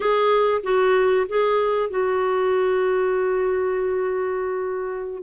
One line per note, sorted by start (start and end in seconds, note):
0.00 0.61 G#4
0.63 1.26 F#4
1.29 1.90 G#4
1.90 5.23 F#4